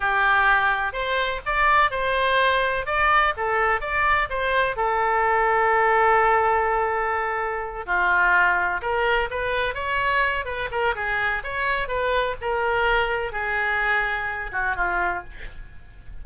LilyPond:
\new Staff \with { instrumentName = "oboe" } { \time 4/4 \tempo 4 = 126 g'2 c''4 d''4 | c''2 d''4 a'4 | d''4 c''4 a'2~ | a'1~ |
a'8 f'2 ais'4 b'8~ | b'8 cis''4. b'8 ais'8 gis'4 | cis''4 b'4 ais'2 | gis'2~ gis'8 fis'8 f'4 | }